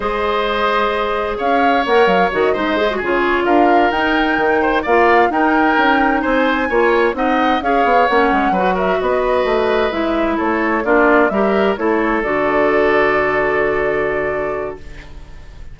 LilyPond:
<<
  \new Staff \with { instrumentName = "flute" } { \time 4/4 \tempo 4 = 130 dis''2. f''4 | fis''8 f''8 dis''4. cis''4 f''8~ | f''8 g''2 f''4 g''8~ | g''4. gis''2 fis''8~ |
fis''8 f''4 fis''4. e''8 dis''8~ | dis''4. e''4 cis''4 d''8~ | d''8 e''4 cis''4 d''4.~ | d''1 | }
  \new Staff \with { instrumentName = "oboe" } { \time 4/4 c''2. cis''4~ | cis''4. c''4 gis'4 ais'8~ | ais'2 c''8 d''4 ais'8~ | ais'4. c''4 cis''4 dis''8~ |
dis''8 cis''2 b'8 ais'8 b'8~ | b'2~ b'8 a'4 f'8~ | f'8 ais'4 a'2~ a'8~ | a'1 | }
  \new Staff \with { instrumentName = "clarinet" } { \time 4/4 gis'1 | ais'4 fis'8 dis'8 gis'16 fis'16 f'4.~ | f'8 dis'2 f'4 dis'8~ | dis'2~ dis'8 f'4 dis'8~ |
dis'8 gis'4 cis'4 fis'4.~ | fis'4. e'2 d'8~ | d'8 g'4 e'4 fis'4.~ | fis'1 | }
  \new Staff \with { instrumentName = "bassoon" } { \time 4/4 gis2. cis'4 | ais8 fis8 dis8 gis4 cis4 d'8~ | d'8 dis'4 dis4 ais4 dis'8~ | dis'8 cis'4 c'4 ais4 c'8~ |
c'8 cis'8 b8 ais8 gis8 fis4 b8~ | b8 a4 gis4 a4 ais8~ | ais8 g4 a4 d4.~ | d1 | }
>>